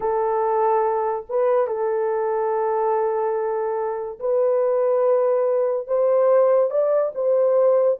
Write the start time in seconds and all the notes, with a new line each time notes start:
0.00 A4
1.29 B4
1.67 A4
4.19 B4
5.87 C5
6.70 D5
7.14 C5